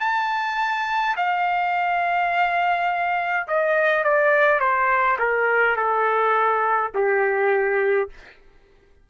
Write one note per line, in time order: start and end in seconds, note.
0.00 1.15 A5
1.16 3.47 F5
3.47 4.04 D#5
4.04 4.59 D5
4.59 5.17 C5
5.19 5.76 A#4
5.76 6.92 A4
6.94 8.10 G4